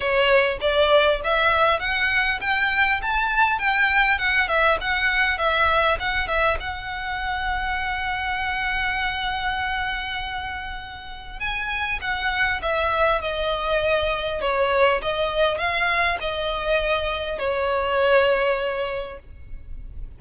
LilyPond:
\new Staff \with { instrumentName = "violin" } { \time 4/4 \tempo 4 = 100 cis''4 d''4 e''4 fis''4 | g''4 a''4 g''4 fis''8 e''8 | fis''4 e''4 fis''8 e''8 fis''4~ | fis''1~ |
fis''2. gis''4 | fis''4 e''4 dis''2 | cis''4 dis''4 f''4 dis''4~ | dis''4 cis''2. | }